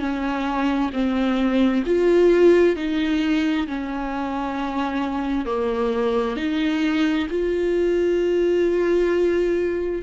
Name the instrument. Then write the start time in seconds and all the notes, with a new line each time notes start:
viola
0.00 C#4
0.93 C4
1.86 F4
2.76 D#4
3.68 C#4
5.46 A#3
6.37 D#4
7.31 F4